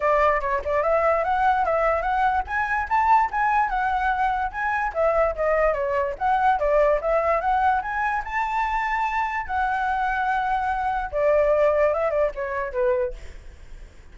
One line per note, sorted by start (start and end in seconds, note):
0.00 0.41 D5
0.41 0.61 C#5
0.64 0.83 D5
0.83 1.24 E5
1.24 1.65 F#5
1.65 2.02 E5
2.02 2.43 F#5
2.47 2.88 G#5
2.89 3.30 A5
3.31 3.69 G#5
3.69 4.51 F#5
4.51 4.92 G#5
4.94 5.35 E5
5.35 5.73 D#5
5.73 6.14 C#5
6.18 6.59 F#5
6.59 7.00 D5
7.01 7.40 E5
7.40 7.81 F#5
7.81 8.22 G#5
8.24 9.46 A5
9.46 11.10 F#5
11.11 11.93 D5
11.93 12.10 E5
12.10 12.30 D5
12.35 12.72 C#5
12.72 13.13 B4